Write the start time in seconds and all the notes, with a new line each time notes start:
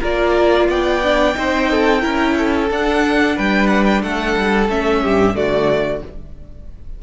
0.00 A#3 F4 A#4 D5
0.68 B3 D5 G5
1.03 D4
1.35 C4 D#4 C5
1.71 A4
2.00 C#4 E4 A#4
2.37 A4
2.70 D4 F#5
3.35 G3 B4 G5
3.67 F#5
3.85 G5
4.02 A3 A4 F#5
4.36 G3
4.68 A3 C#4 E5
5.02 G2 G4
5.34 D3 A3 F#4 D5